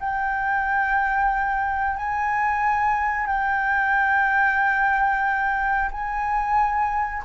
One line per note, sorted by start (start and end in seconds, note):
0.00 1.97 G5
1.97 3.27 G#5
3.27 5.90 G5
5.92 7.23 G#5